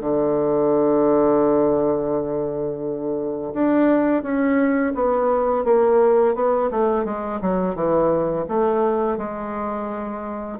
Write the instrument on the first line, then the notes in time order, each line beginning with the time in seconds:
bassoon
0.00 D3
3.53 D4
4.23 C#4
4.94 B3
5.64 A#3
6.34 B3
6.71 A3
7.04 G#3
7.41 F#3
7.75 E3
8.48 A3
9.17 G#3